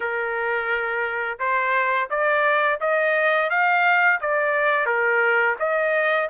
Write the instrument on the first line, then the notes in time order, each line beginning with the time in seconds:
trumpet
0.00 A#4
1.39 C5
2.10 D5
2.80 D#5
3.49 F5
4.20 D5
4.86 A#4
5.59 D#5